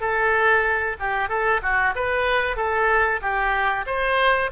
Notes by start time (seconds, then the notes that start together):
0.00 A4
0.99 G4
1.29 A4
1.62 F#4
1.95 B4
2.56 A4
3.21 G4
3.86 C5